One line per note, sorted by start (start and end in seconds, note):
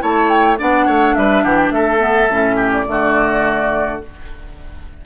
0.00 0.60 A3
0.00 0.57 E4
0.00 0.59 C#5
0.00 0.29 A5
0.29 0.58 G5
0.59 0.87 B3
0.59 1.99 D4
0.59 0.86 D5
0.59 1.16 F#5
0.86 1.16 A3
0.86 1.15 C#5
1.16 1.44 G3
1.16 1.44 B4
1.16 1.44 E5
1.44 1.71 E3
1.44 1.73 G4
1.44 1.57 F#5
1.57 1.71 G5
1.71 2.28 A3
1.71 2.56 A4
1.71 2.72 E5
1.99 2.28 B3
2.30 2.87 A2
2.30 2.87 C#4
2.56 2.85 G4
2.73 4.02 D5
2.87 4.02 D3
2.87 4.01 A3
2.87 4.06 F#4